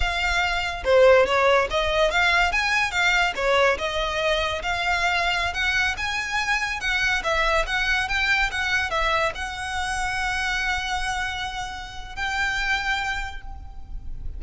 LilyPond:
\new Staff \with { instrumentName = "violin" } { \time 4/4 \tempo 4 = 143 f''2 c''4 cis''4 | dis''4 f''4 gis''4 f''4 | cis''4 dis''2 f''4~ | f''4~ f''16 fis''4 gis''4.~ gis''16~ |
gis''16 fis''4 e''4 fis''4 g''8.~ | g''16 fis''4 e''4 fis''4.~ fis''16~ | fis''1~ | fis''4 g''2. | }